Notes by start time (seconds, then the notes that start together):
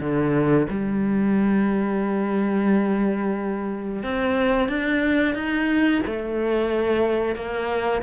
0.00 D3
0.69 G3
4.03 C4
4.68 D4
5.34 D#4
6.06 A3
7.35 A#3